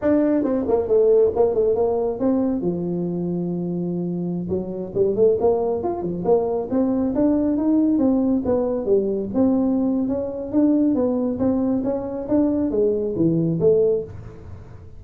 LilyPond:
\new Staff \with { instrumentName = "tuba" } { \time 4/4 \tempo 4 = 137 d'4 c'8 ais8 a4 ais8 a8 | ais4 c'4 f2~ | f2~ f16 fis4 g8 a16~ | a16 ais4 f'8 f8 ais4 c'8.~ |
c'16 d'4 dis'4 c'4 b8.~ | b16 g4 c'4.~ c'16 cis'4 | d'4 b4 c'4 cis'4 | d'4 gis4 e4 a4 | }